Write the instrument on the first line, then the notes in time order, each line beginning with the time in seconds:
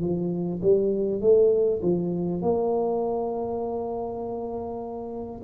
tuba
0.00 F3
0.61 G3
1.21 A3
1.82 F3
2.41 A#3